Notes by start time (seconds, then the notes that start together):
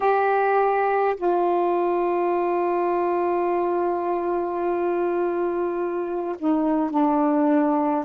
0.00 G4
1.16 F4
6.38 D#4
6.90 D4